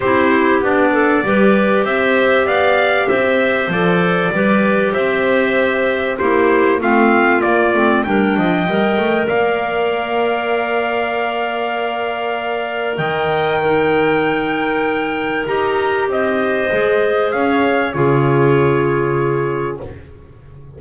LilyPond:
<<
  \new Staff \with { instrumentName = "trumpet" } { \time 4/4 \tempo 4 = 97 c''4 d''2 e''4 | f''4 e''4 d''2 | e''2 c''4 f''4 | d''4 g''2 f''4~ |
f''1~ | f''4 g''2.~ | g''4 ais''4 dis''2 | f''4 cis''2. | }
  \new Staff \with { instrumentName = "clarinet" } { \time 4/4 g'4. a'8 b'4 c''4 | d''4 c''2 b'4 | c''2 g'4 f'4~ | f'4 ais'8 dis''4. d''4~ |
d''1~ | d''4 dis''4 ais'2~ | ais'2 c''2 | cis''4 gis'2. | }
  \new Staff \with { instrumentName = "clarinet" } { \time 4/4 e'4 d'4 g'2~ | g'2 a'4 g'4~ | g'2 e'4 c'4 | ais8 c'8 d'4 ais'2~ |
ais'1~ | ais'2 dis'2~ | dis'4 g'2 gis'4~ | gis'4 f'2. | }
  \new Staff \with { instrumentName = "double bass" } { \time 4/4 c'4 b4 g4 c'4 | b4 c'4 f4 g4 | c'2 ais4 a4 | ais8 a8 g8 f8 g8 a8 ais4~ |
ais1~ | ais4 dis2.~ | dis4 dis'4 c'4 gis4 | cis'4 cis2. | }
>>